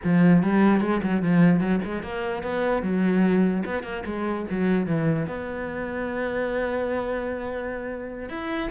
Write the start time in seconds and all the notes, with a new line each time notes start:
0.04 F3
0.42 G3
0.80 G#3
1.02 F#3
1.22 F3
1.60 F#3
1.84 G#3
2.03 A#3
2.43 B3
2.82 F#3
3.65 B3
3.83 A#3
4.05 G#3
4.50 F#3
4.86 E3
5.27 B3
8.29 E4